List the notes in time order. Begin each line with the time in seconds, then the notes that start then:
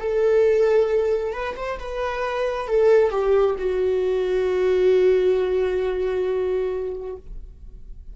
0.00 A4
1.33 B4
1.56 C5
1.79 B4
2.68 A4
3.11 G4
3.58 F#4